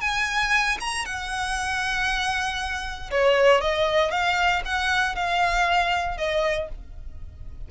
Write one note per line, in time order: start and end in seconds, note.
0.00 0.77 G#5
0.80 1.05 A#5
1.05 3.10 F#5
3.10 3.61 C#5
3.61 4.10 D#5
4.10 4.62 F5
4.65 5.15 F#5
5.15 6.17 F5
6.17 6.68 D#5